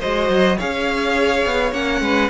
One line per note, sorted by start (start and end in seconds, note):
0.00 0.29 G#3
0.00 0.58 F#4
0.00 0.58 C5
0.00 0.59 D#5
0.29 0.58 F#3
0.58 1.46 C#4
0.58 1.73 G#4
0.58 2.02 C#5
0.58 1.73 F5
1.46 1.72 B3
1.72 2.01 A#3
1.72 2.30 C#4
1.72 2.30 F#5
2.01 2.30 G#3
2.01 2.30 B4